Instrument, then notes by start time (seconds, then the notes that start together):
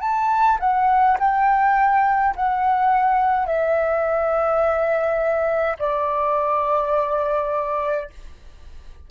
flute
0.00 A5
0.59 F#5
1.19 G5
2.35 F#5
3.46 E5
5.78 D5